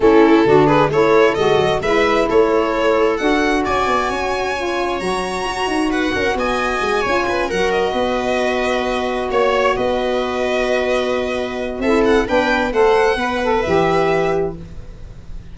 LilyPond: <<
  \new Staff \with { instrumentName = "violin" } { \time 4/4 \tempo 4 = 132 a'4. b'8 cis''4 dis''4 | e''4 cis''2 fis''4 | gis''2. ais''4~ | ais''4 fis''4 gis''2~ |
gis''8 fis''8 dis''2.~ | dis''8 cis''4 dis''2~ dis''8~ | dis''2 e''8 fis''8 g''4 | fis''2 e''2 | }
  \new Staff \with { instrumentName = "viola" } { \time 4/4 e'4 fis'8 gis'8 a'2 | b'4 a'2. | d''4 cis''2.~ | cis''4 b'8 ais'8 dis''4. cis''8 |
b'8 ais'4 b'2~ b'8~ | b'8 cis''4 b'2~ b'8~ | b'2 a'4 b'4 | c''4 b'2. | }
  \new Staff \with { instrumentName = "saxophone" } { \time 4/4 cis'4 d'4 e'4 fis'4 | e'2. fis'4~ | fis'2 f'4 fis'4~ | fis'2.~ fis'8 f'8~ |
f'8 fis'2.~ fis'8~ | fis'1~ | fis'2 e'4 d'4 | a'4 b'8 a'8 g'2 | }
  \new Staff \with { instrumentName = "tuba" } { \time 4/4 a4 d4 a4 gis8 fis8 | gis4 a2 d'4 | cis'8 b8 cis'2 fis4 | fis'8 dis'4 cis'8 b4 gis8 cis'8~ |
cis'8 fis4 b2~ b8~ | b8 ais4 b2~ b8~ | b2 c'4 b4 | a4 b4 e2 | }
>>